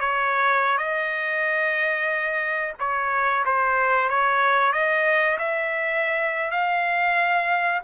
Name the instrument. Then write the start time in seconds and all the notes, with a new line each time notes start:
trumpet
0.00 C#5
0.78 D#5
2.79 C#5
3.45 C5
4.09 C#5
4.73 D#5
5.38 E5
6.51 F5